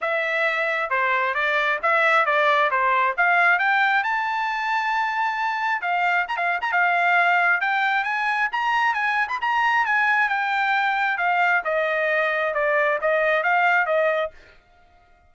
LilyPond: \new Staff \with { instrumentName = "trumpet" } { \time 4/4 \tempo 4 = 134 e''2 c''4 d''4 | e''4 d''4 c''4 f''4 | g''4 a''2.~ | a''4 f''4 ais''16 f''8 ais''16 f''4~ |
f''4 g''4 gis''4 ais''4 | gis''8. b''16 ais''4 gis''4 g''4~ | g''4 f''4 dis''2 | d''4 dis''4 f''4 dis''4 | }